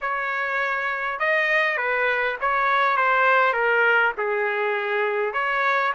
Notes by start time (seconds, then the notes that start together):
0.01 C#5
1.19 D#5
1.77 B4
2.41 C#5
2.96 C5
3.53 A#4
4.17 G#4
5.33 C#5